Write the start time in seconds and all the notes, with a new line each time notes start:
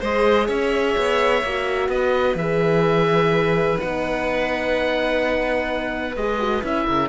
0.00 G#3 G#4 C5 D#5
0.47 C#4 C#5 E5
0.98 B3
1.43 A#3 F#4
1.89 B3 B4 D#5
2.35 E3 G#4 E5
3.79 B3 D#4 F#5
6.16 G#3 G#4 D#5
6.40 F#4
6.62 C#4 E4 E5
6.86 C#3 A#4